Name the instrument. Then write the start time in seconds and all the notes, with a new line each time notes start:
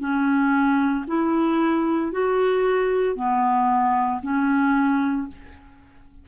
clarinet
0.00 C#4
1.07 E4
2.12 F#4
3.15 B3
4.22 C#4